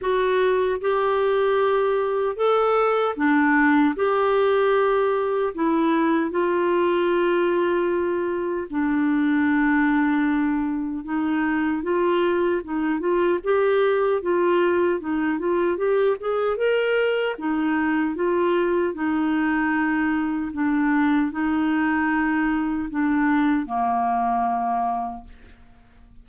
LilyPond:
\new Staff \with { instrumentName = "clarinet" } { \time 4/4 \tempo 4 = 76 fis'4 g'2 a'4 | d'4 g'2 e'4 | f'2. d'4~ | d'2 dis'4 f'4 |
dis'8 f'8 g'4 f'4 dis'8 f'8 | g'8 gis'8 ais'4 dis'4 f'4 | dis'2 d'4 dis'4~ | dis'4 d'4 ais2 | }